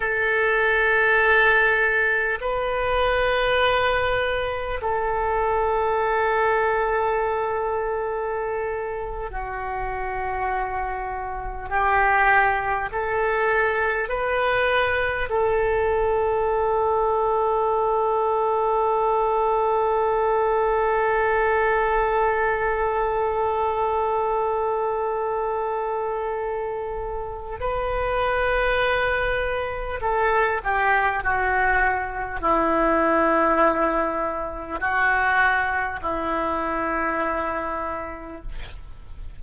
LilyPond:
\new Staff \with { instrumentName = "oboe" } { \time 4/4 \tempo 4 = 50 a'2 b'2 | a'2.~ a'8. fis'16~ | fis'4.~ fis'16 g'4 a'4 b'16~ | b'8. a'2.~ a'16~ |
a'1~ | a'2. b'4~ | b'4 a'8 g'8 fis'4 e'4~ | e'4 fis'4 e'2 | }